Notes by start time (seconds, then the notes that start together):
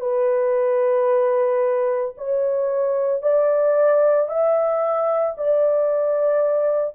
0.00 B4
2.17 C#5
3.22 D5
4.28 E5
5.37 D5